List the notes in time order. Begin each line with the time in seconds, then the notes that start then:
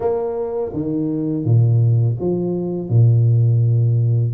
0.00 A#3
0.73 D#3
1.44 A#2
2.19 F3
2.89 A#2